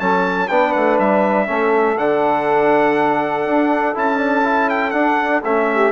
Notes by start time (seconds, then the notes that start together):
0.00 F#3 C#4 A4 A5
0.49 B3 D4 B4 G5
0.73 A3 F#5
0.99 G3 E5
1.47 A3 C#4 A4
1.98 D3 D4 F#5
3.46 D4
3.95 C#4 E4 A5
4.17 D4
4.44 E4
4.70 G5
4.91 D4 F#5
5.44 A3 C#4 E5
5.72 G4